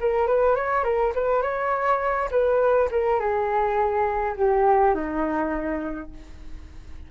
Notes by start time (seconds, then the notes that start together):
0.00 A#4
0.27 B4
0.55 C#5
0.84 A#4
1.15 B4
1.42 C#5
2.31 B4
2.91 A#4
3.20 G#4
4.37 G4
4.94 D#4